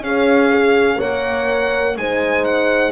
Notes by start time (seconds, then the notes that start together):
0.00 C#4 G#4 C#5 F5
0.51 G#4
0.97 A#3 A#4 C#5 F#5
1.96 G#3 D#4 C5 G#5
2.44 F#5